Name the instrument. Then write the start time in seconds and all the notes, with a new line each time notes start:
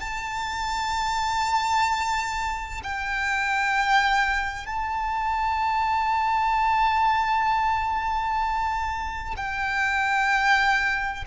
violin
0.00 A5
2.84 G5
4.66 A5
9.37 G5